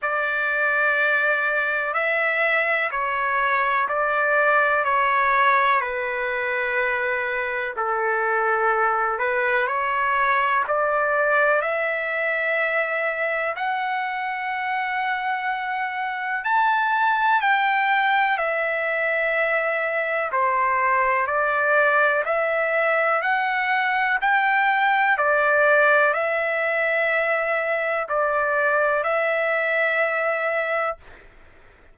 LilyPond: \new Staff \with { instrumentName = "trumpet" } { \time 4/4 \tempo 4 = 62 d''2 e''4 cis''4 | d''4 cis''4 b'2 | a'4. b'8 cis''4 d''4 | e''2 fis''2~ |
fis''4 a''4 g''4 e''4~ | e''4 c''4 d''4 e''4 | fis''4 g''4 d''4 e''4~ | e''4 d''4 e''2 | }